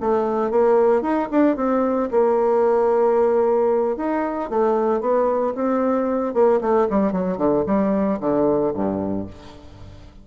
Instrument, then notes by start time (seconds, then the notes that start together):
bassoon
0.00 A3
0.51 A#3
1.02 D#4
1.31 D4
1.56 C4
2.11 A#3
3.97 D#4
4.50 A3
5.01 B3
5.55 C4
6.34 A#3
6.61 A3
6.90 G3
7.12 F#3
7.38 D3
7.66 G3
8.20 D3
8.74 G2